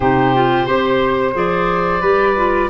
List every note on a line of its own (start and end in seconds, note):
0.00 0.67 C3
0.00 0.34 D#4
0.00 0.65 G4
0.00 1.34 C5
0.34 0.67 F4
0.65 1.34 C4
0.65 1.33 G4
0.65 2.00 C5
1.33 2.02 F3
1.33 2.00 G#4
1.33 2.70 D5
2.01 2.69 G3
2.01 2.36 G4
2.01 2.68 B4
2.36 2.70 F4